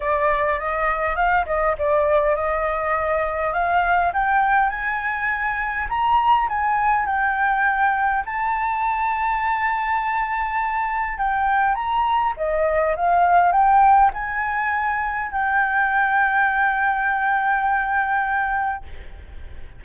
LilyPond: \new Staff \with { instrumentName = "flute" } { \time 4/4 \tempo 4 = 102 d''4 dis''4 f''8 dis''8 d''4 | dis''2 f''4 g''4 | gis''2 ais''4 gis''4 | g''2 a''2~ |
a''2. g''4 | ais''4 dis''4 f''4 g''4 | gis''2 g''2~ | g''1 | }